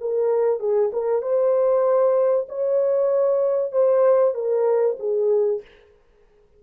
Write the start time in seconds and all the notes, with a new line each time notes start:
0.00 A#4
0.59 G#4
0.93 A#4
1.22 C5
2.49 C#5
3.72 C5
4.34 A#4
4.99 G#4